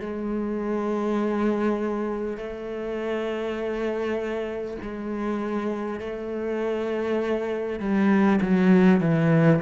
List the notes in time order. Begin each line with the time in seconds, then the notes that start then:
0.00 G#3
2.37 A3
4.82 G#3
6.00 A3
7.80 G3
8.42 F#3
9.01 E3